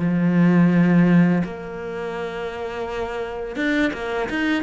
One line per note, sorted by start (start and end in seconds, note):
0.00 1.43 F3
1.44 3.56 A#3
3.56 3.92 D4
3.94 4.29 A#3
4.30 4.64 D#4